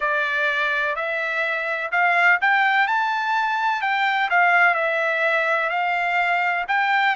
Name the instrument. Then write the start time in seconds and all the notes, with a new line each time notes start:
trumpet
0.00 D5
0.95 E5
1.91 F5
2.41 G5
2.87 A5
3.81 G5
4.29 F5
4.74 E5
5.69 F5
6.68 G5